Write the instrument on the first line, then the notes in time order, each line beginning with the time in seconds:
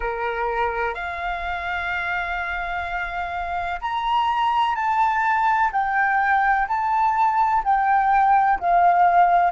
flute
0.00 A#4
0.94 F5
3.81 A#5
4.74 A5
5.72 G5
6.68 A5
7.64 G5
8.59 F5